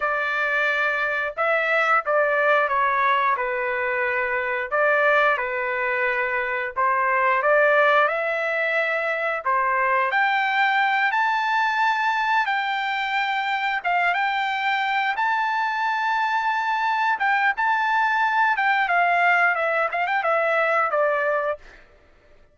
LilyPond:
\new Staff \with { instrumentName = "trumpet" } { \time 4/4 \tempo 4 = 89 d''2 e''4 d''4 | cis''4 b'2 d''4 | b'2 c''4 d''4 | e''2 c''4 g''4~ |
g''8 a''2 g''4.~ | g''8 f''8 g''4. a''4.~ | a''4. g''8 a''4. g''8 | f''4 e''8 f''16 g''16 e''4 d''4 | }